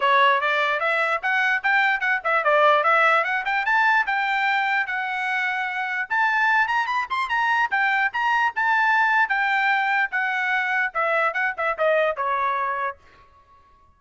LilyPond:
\new Staff \with { instrumentName = "trumpet" } { \time 4/4 \tempo 4 = 148 cis''4 d''4 e''4 fis''4 | g''4 fis''8 e''8 d''4 e''4 | fis''8 g''8 a''4 g''2 | fis''2. a''4~ |
a''8 ais''8 b''8 c'''8 ais''4 g''4 | ais''4 a''2 g''4~ | g''4 fis''2 e''4 | fis''8 e''8 dis''4 cis''2 | }